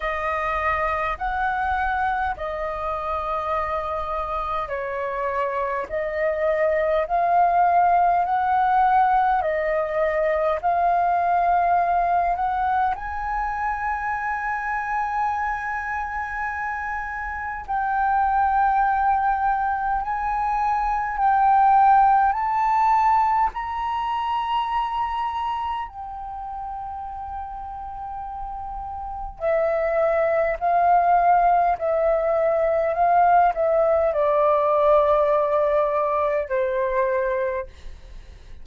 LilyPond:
\new Staff \with { instrumentName = "flute" } { \time 4/4 \tempo 4 = 51 dis''4 fis''4 dis''2 | cis''4 dis''4 f''4 fis''4 | dis''4 f''4. fis''8 gis''4~ | gis''2. g''4~ |
g''4 gis''4 g''4 a''4 | ais''2 g''2~ | g''4 e''4 f''4 e''4 | f''8 e''8 d''2 c''4 | }